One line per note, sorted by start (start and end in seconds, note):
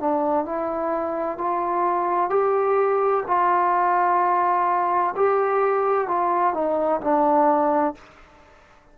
0.00 0.46 D4
0.46 1.38 E4
1.38 2.30 F4
2.30 3.24 G4
3.27 5.15 F4
5.16 6.08 G4
6.08 6.54 F4
6.54 7.01 D#4
7.01 7.95 D4